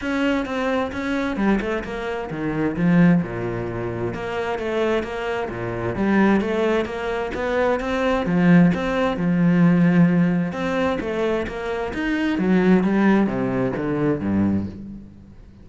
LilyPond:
\new Staff \with { instrumentName = "cello" } { \time 4/4 \tempo 4 = 131 cis'4 c'4 cis'4 g8 a8 | ais4 dis4 f4 ais,4~ | ais,4 ais4 a4 ais4 | ais,4 g4 a4 ais4 |
b4 c'4 f4 c'4 | f2. c'4 | a4 ais4 dis'4 fis4 | g4 c4 d4 g,4 | }